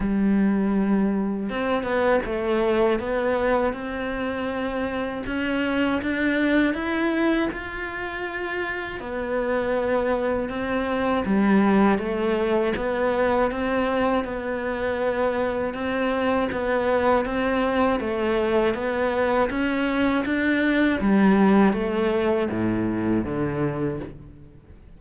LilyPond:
\new Staff \with { instrumentName = "cello" } { \time 4/4 \tempo 4 = 80 g2 c'8 b8 a4 | b4 c'2 cis'4 | d'4 e'4 f'2 | b2 c'4 g4 |
a4 b4 c'4 b4~ | b4 c'4 b4 c'4 | a4 b4 cis'4 d'4 | g4 a4 a,4 d4 | }